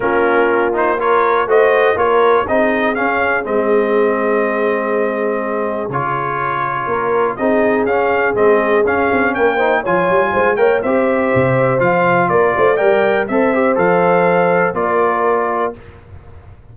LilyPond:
<<
  \new Staff \with { instrumentName = "trumpet" } { \time 4/4 \tempo 4 = 122 ais'4. c''8 cis''4 dis''4 | cis''4 dis''4 f''4 dis''4~ | dis''1 | cis''2. dis''4 |
f''4 dis''4 f''4 g''4 | gis''4. g''8 e''2 | f''4 d''4 g''4 e''4 | f''2 d''2 | }
  \new Staff \with { instrumentName = "horn" } { \time 4/4 f'2 ais'4 c''4 | ais'4 gis'2.~ | gis'1~ | gis'2 ais'4 gis'4~ |
gis'2. ais'8 c''8 | cis''4 c''8 cis''8 c''2~ | c''4 ais'8 c''8 d''4 c''4~ | c''2 ais'2 | }
  \new Staff \with { instrumentName = "trombone" } { \time 4/4 cis'4. dis'8 f'4 fis'4 | f'4 dis'4 cis'4 c'4~ | c'1 | f'2. dis'4 |
cis'4 c'4 cis'4. dis'8 | f'4. ais'8 g'2 | f'2 ais'4 a'8 g'8 | a'2 f'2 | }
  \new Staff \with { instrumentName = "tuba" } { \time 4/4 ais2. a4 | ais4 c'4 cis'4 gis4~ | gis1 | cis2 ais4 c'4 |
cis'4 gis4 cis'8 c'8 ais4 | f8 g8 gis8 ais8 c'4 c4 | f4 ais8 a8 g4 c'4 | f2 ais2 | }
>>